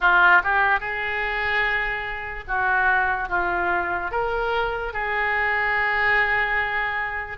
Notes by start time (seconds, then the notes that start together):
0.00 F4
0.43 G4
0.80 G#4
2.47 F#4
3.28 F4
4.11 A#4
4.93 G#4